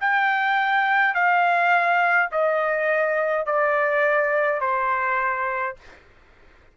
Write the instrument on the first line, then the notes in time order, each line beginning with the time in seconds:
trumpet
0.00 G5
1.14 F5
2.31 D#5
3.46 D5
4.60 C5